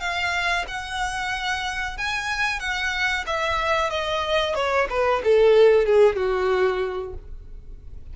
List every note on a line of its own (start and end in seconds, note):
0.00 0.65 F5
0.68 1.97 F#5
1.97 2.60 G#5
2.60 3.25 F#5
3.26 3.90 E5
3.90 4.55 D#5
4.55 4.87 C#5
4.89 5.22 B4
5.24 5.86 A4
5.86 6.16 G#4
6.16 7.14 F#4